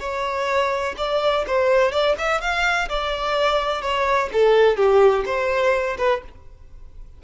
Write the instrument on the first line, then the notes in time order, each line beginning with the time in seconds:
violin
0.00 C#5
0.97 D5
1.47 C5
1.92 D5
2.18 E5
2.41 F5
2.89 D5
3.82 C#5
4.33 A4
4.77 G4
5.26 C5
5.98 B4